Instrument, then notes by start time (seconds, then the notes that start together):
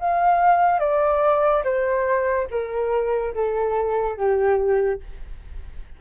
flute
0.00 F5
0.80 D5
1.64 C5
2.51 A#4
3.34 A4
4.17 G4